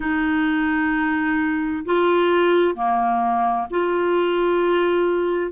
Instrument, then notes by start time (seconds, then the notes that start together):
clarinet
0.00 D#4
1.85 F4
2.74 A#3
3.70 F4